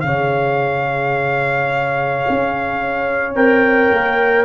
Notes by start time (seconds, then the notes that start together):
0.00 C#3 G#4 C#5 F5
2.28 C#4
3.35 C4 A#4 G5
3.91 A#3